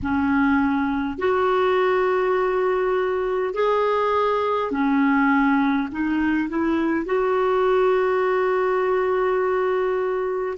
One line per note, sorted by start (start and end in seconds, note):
0.02 1.18 C#4
1.18 3.53 F#4
3.53 4.71 G#4
4.71 5.88 C#4
5.91 6.49 D#4
6.49 7.05 E4
7.05 10.57 F#4